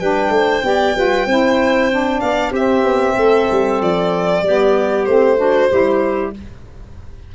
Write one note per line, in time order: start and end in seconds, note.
0.00 0.29 G3
0.00 0.62 D4
0.00 0.32 B4
0.00 2.20 G5
0.29 0.61 A3
0.29 0.65 C5
0.62 0.94 B3
0.62 0.94 G4
0.62 0.96 D5
0.95 1.26 G3
0.95 1.27 F4
0.95 1.27 B4
1.26 2.21 C4
1.26 1.91 E4
1.26 2.20 C5
1.91 2.54 D4
2.20 2.52 B3
2.20 2.52 D5
2.20 2.52 F5
2.52 2.83 C4
2.52 4.44 C4
2.52 3.15 G4
2.52 3.82 E5
2.84 3.15 B3
3.15 3.47 A3
3.15 4.41 A4
3.51 3.81 G3
3.81 4.42 F3
3.81 5.05 D5
4.42 5.06 G3
4.42 5.09 B3
4.42 5.38 G4
5.05 5.70 A3
5.05 5.37 C4
5.05 6.31 C5
5.37 5.69 D4
5.37 5.69 F#4
5.70 6.34 G3
5.70 6.33 E4
5.70 6.33 G4